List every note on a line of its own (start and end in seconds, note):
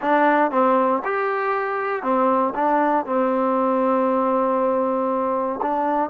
0.01 0.51 D4
0.51 1.02 C4
1.04 2.02 G4
2.02 2.53 C4
2.54 3.05 D4
3.05 5.59 C4
5.62 6.10 D4